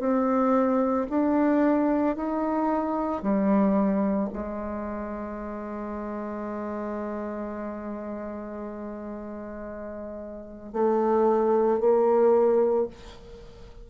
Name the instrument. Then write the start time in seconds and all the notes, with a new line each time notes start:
bassoon
0.00 C4
1.10 D4
2.16 D#4
3.22 G3
4.33 G#3
10.73 A3
11.80 A#3